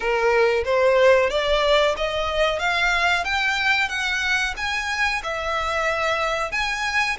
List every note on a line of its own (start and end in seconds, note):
0.00 0.63 A#4
0.65 1.30 C5
1.30 1.95 D5
1.96 2.59 D#5
2.59 3.24 F5
3.24 3.89 G5
3.89 4.54 F#5
4.57 5.22 G#5
5.23 6.51 E5
6.51 7.17 G#5